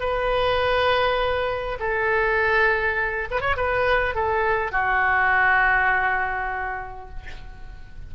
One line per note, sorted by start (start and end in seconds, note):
0.00 1.78 B4
1.80 3.28 A4
3.31 3.41 B4
3.41 3.56 C#5
3.56 4.15 B4
4.15 4.71 A4
4.71 7.09 F#4